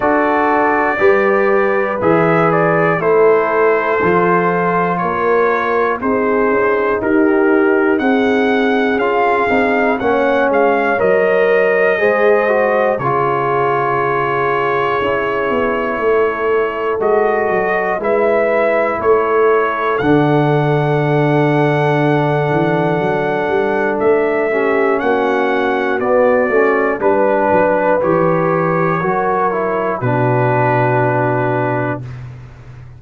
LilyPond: <<
  \new Staff \with { instrumentName = "trumpet" } { \time 4/4 \tempo 4 = 60 d''2 e''8 d''8 c''4~ | c''4 cis''4 c''4 ais'4 | fis''4 f''4 fis''8 f''8 dis''4~ | dis''4 cis''2.~ |
cis''4 dis''4 e''4 cis''4 | fis''1 | e''4 fis''4 d''4 b'4 | cis''2 b'2 | }
  \new Staff \with { instrumentName = "horn" } { \time 4/4 a'4 b'2 a'4~ | a'4 ais'4 gis'4 g'4 | gis'2 cis''2 | c''4 gis'2. |
a'2 b'4 a'4~ | a'1~ | a'8 g'8 fis'2 b'4~ | b'4 ais'4 fis'2 | }
  \new Staff \with { instrumentName = "trombone" } { \time 4/4 fis'4 g'4 gis'4 e'4 | f'2 dis'2~ | dis'4 f'8 dis'8 cis'4 ais'4 | gis'8 fis'8 f'2 e'4~ |
e'4 fis'4 e'2 | d'1~ | d'8 cis'4. b8 cis'8 d'4 | g'4 fis'8 e'8 d'2 | }
  \new Staff \with { instrumentName = "tuba" } { \time 4/4 d'4 g4 e4 a4 | f4 ais4 c'8 cis'8 dis'4 | c'4 cis'8 c'8 ais8 gis8 fis4 | gis4 cis2 cis'8 b8 |
a4 gis8 fis8 gis4 a4 | d2~ d8 e8 fis8 g8 | a4 ais4 b8 a8 g8 fis8 | e4 fis4 b,2 | }
>>